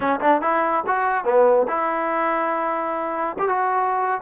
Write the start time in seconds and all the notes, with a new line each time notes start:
0.00 C#4
0.20 D4
0.41 E4
0.86 F#4
1.24 B3
1.67 E4
3.38 G4
3.48 F#4